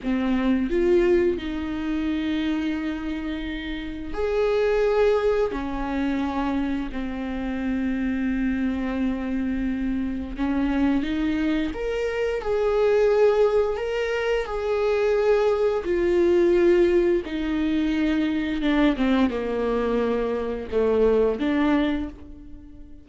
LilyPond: \new Staff \with { instrumentName = "viola" } { \time 4/4 \tempo 4 = 87 c'4 f'4 dis'2~ | dis'2 gis'2 | cis'2 c'2~ | c'2. cis'4 |
dis'4 ais'4 gis'2 | ais'4 gis'2 f'4~ | f'4 dis'2 d'8 c'8 | ais2 a4 d'4 | }